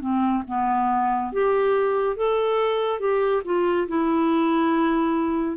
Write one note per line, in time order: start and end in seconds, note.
0.00 0.43 C4
0.47 1.32 B3
1.32 2.16 G4
2.16 2.99 A4
2.99 3.42 G4
3.44 3.87 F4
3.88 5.56 E4